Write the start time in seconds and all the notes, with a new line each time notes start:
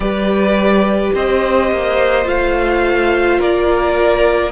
0.00 G3 G4 B4 D5
1.13 C4 C5 D#5
1.71 A#3
2.24 A3 F4 F5
3.39 A#3 A#4 D5